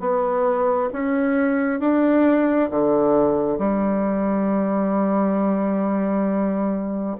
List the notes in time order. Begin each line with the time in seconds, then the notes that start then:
0.00 B3
0.93 C#4
1.80 D4
2.71 D3
3.59 G3